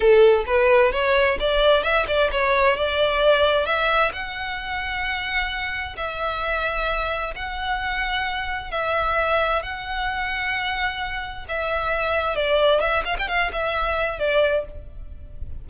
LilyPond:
\new Staff \with { instrumentName = "violin" } { \time 4/4 \tempo 4 = 131 a'4 b'4 cis''4 d''4 | e''8 d''8 cis''4 d''2 | e''4 fis''2.~ | fis''4 e''2. |
fis''2. e''4~ | e''4 fis''2.~ | fis''4 e''2 d''4 | e''8 f''16 g''16 f''8 e''4. d''4 | }